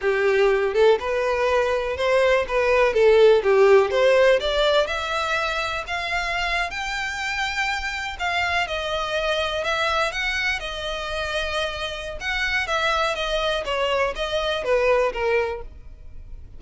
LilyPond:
\new Staff \with { instrumentName = "violin" } { \time 4/4 \tempo 4 = 123 g'4. a'8 b'2 | c''4 b'4 a'4 g'4 | c''4 d''4 e''2 | f''4.~ f''16 g''2~ g''16~ |
g''8. f''4 dis''2 e''16~ | e''8. fis''4 dis''2~ dis''16~ | dis''4 fis''4 e''4 dis''4 | cis''4 dis''4 b'4 ais'4 | }